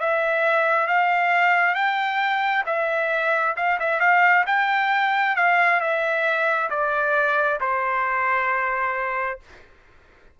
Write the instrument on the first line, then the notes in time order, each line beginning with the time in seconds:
trumpet
0.00 E5
0.87 F5
1.74 G5
2.66 E5
3.56 F5
3.79 E5
4.00 F5
4.46 G5
5.36 F5
5.80 E5
6.70 D5
7.60 C5